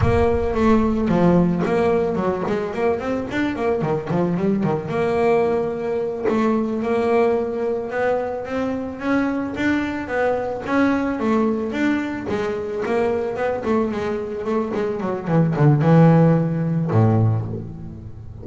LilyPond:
\new Staff \with { instrumentName = "double bass" } { \time 4/4 \tempo 4 = 110 ais4 a4 f4 ais4 | fis8 gis8 ais8 c'8 d'8 ais8 dis8 f8 | g8 dis8 ais2~ ais8 a8~ | a8 ais2 b4 c'8~ |
c'8 cis'4 d'4 b4 cis'8~ | cis'8 a4 d'4 gis4 ais8~ | ais8 b8 a8 gis4 a8 gis8 fis8 | e8 d8 e2 a,4 | }